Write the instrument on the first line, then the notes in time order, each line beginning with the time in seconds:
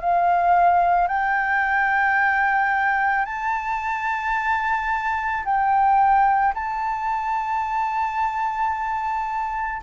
flute
0.00 F5
1.08 G5
3.26 A5
5.45 G5
6.55 A5